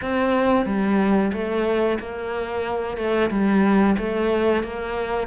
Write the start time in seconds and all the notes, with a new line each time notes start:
0.01 C4
0.65 G3
1.32 A3
1.99 A#3
2.97 A3
3.30 G3
3.97 A3
4.63 A#3